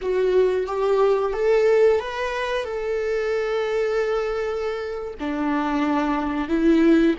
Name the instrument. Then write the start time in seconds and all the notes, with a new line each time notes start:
viola
0.02 F#4
0.66 G4
1.33 A4
1.99 B4
2.64 A4
5.19 D4
6.48 E4